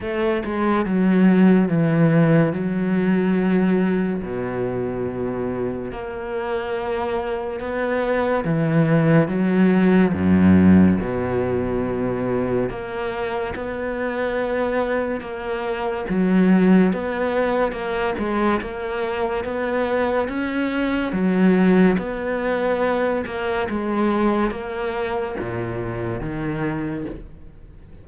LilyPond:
\new Staff \with { instrumentName = "cello" } { \time 4/4 \tempo 4 = 71 a8 gis8 fis4 e4 fis4~ | fis4 b,2 ais4~ | ais4 b4 e4 fis4 | fis,4 b,2 ais4 |
b2 ais4 fis4 | b4 ais8 gis8 ais4 b4 | cis'4 fis4 b4. ais8 | gis4 ais4 ais,4 dis4 | }